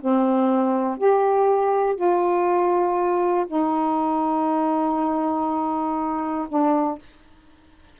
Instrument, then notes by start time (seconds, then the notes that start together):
saxophone
0.00 C4
0.97 G4
1.95 F4
3.47 D#4
6.48 D4